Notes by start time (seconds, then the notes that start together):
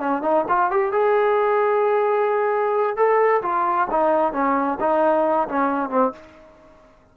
0.00 C#4
0.23 D#4
0.49 F4
0.71 G4
0.92 G#4
2.97 A4
3.43 F4
3.91 D#4
4.33 C#4
4.80 D#4
5.49 C#4
5.90 C4